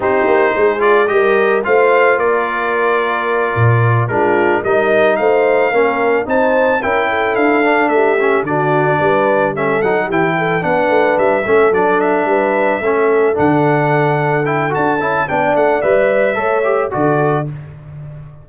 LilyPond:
<<
  \new Staff \with { instrumentName = "trumpet" } { \time 4/4 \tempo 4 = 110 c''4. d''8 dis''4 f''4 | d''2.~ d''8 ais'8~ | ais'8 dis''4 f''2 a''8~ | a''8 g''4 f''4 e''4 d''8~ |
d''4. e''8 fis''8 g''4 fis''8~ | fis''8 e''4 d''8 e''2~ | e''8 fis''2 g''8 a''4 | g''8 fis''8 e''2 d''4 | }
  \new Staff \with { instrumentName = "horn" } { \time 4/4 g'4 gis'4 ais'4 c''4 | ais'2.~ ais'8 f'8~ | f'8 ais'4 c''4 ais'4 c''8~ | c''8 ais'8 a'4. g'4 fis'8~ |
fis'8 b'4 a'4 g'8 a'8 b'8~ | b'4 a'4. b'4 a'8~ | a'1 | d''2 cis''4 a'4 | }
  \new Staff \with { instrumentName = "trombone" } { \time 4/4 dis'4. f'8 g'4 f'4~ | f'2.~ f'8 d'8~ | d'8 dis'2 cis'4 dis'8~ | dis'8 e'4. d'4 cis'8 d'8~ |
d'4. cis'8 dis'8 e'4 d'8~ | d'4 cis'8 d'2 cis'8~ | cis'8 d'2 e'8 fis'8 e'8 | d'4 b'4 a'8 g'8 fis'4 | }
  \new Staff \with { instrumentName = "tuba" } { \time 4/4 c'8 ais8 gis4 g4 a4 | ais2~ ais8 ais,4 gis8~ | gis8 g4 a4 ais4 c'8~ | c'8 cis'4 d'4 a4 d8~ |
d8 g4. fis8 e4 b8 | a8 g8 a8 fis4 g4 a8~ | a8 d2~ d8 d'8 cis'8 | b8 a8 g4 a4 d4 | }
>>